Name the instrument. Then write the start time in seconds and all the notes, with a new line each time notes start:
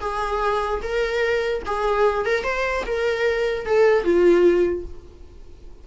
viola
0.00 G#4
0.82 A#4
1.65 G#4
2.25 A#4
2.43 C5
2.86 A#4
3.65 A4
4.04 F4